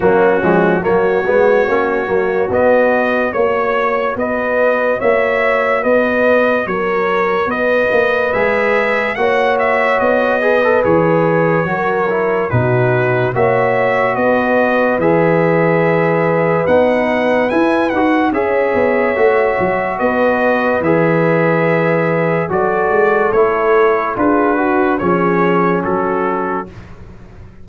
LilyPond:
<<
  \new Staff \with { instrumentName = "trumpet" } { \time 4/4 \tempo 4 = 72 fis'4 cis''2 dis''4 | cis''4 dis''4 e''4 dis''4 | cis''4 dis''4 e''4 fis''8 e''8 | dis''4 cis''2 b'4 |
e''4 dis''4 e''2 | fis''4 gis''8 fis''8 e''2 | dis''4 e''2 d''4 | cis''4 b'4 cis''4 a'4 | }
  \new Staff \with { instrumentName = "horn" } { \time 4/4 cis'4 fis'2. | cis''4 b'4 cis''4 b'4 | ais'4 b'2 cis''4~ | cis''8 b'4. ais'4 fis'4 |
cis''4 b'2.~ | b'2 cis''2 | b'2. a'4~ | a'4 gis'8 fis'8 gis'4 fis'4 | }
  \new Staff \with { instrumentName = "trombone" } { \time 4/4 ais8 gis8 ais8 b8 cis'8 ais8 b4 | fis'1~ | fis'2 gis'4 fis'4~ | fis'8 gis'16 a'16 gis'4 fis'8 e'8 dis'4 |
fis'2 gis'2 | dis'4 e'8 fis'8 gis'4 fis'4~ | fis'4 gis'2 fis'4 | e'4 f'8 fis'8 cis'2 | }
  \new Staff \with { instrumentName = "tuba" } { \time 4/4 fis8 f8 fis8 gis8 ais8 fis8 b4 | ais4 b4 ais4 b4 | fis4 b8 ais8 gis4 ais4 | b4 e4 fis4 b,4 |
ais4 b4 e2 | b4 e'8 dis'8 cis'8 b8 a8 fis8 | b4 e2 fis8 gis8 | a4 d'4 f4 fis4 | }
>>